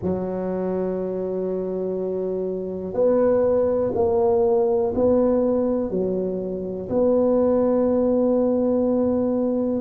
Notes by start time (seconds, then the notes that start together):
0.02 F#3
2.93 B3
3.94 A#3
4.94 B3
5.90 F#3
6.89 B3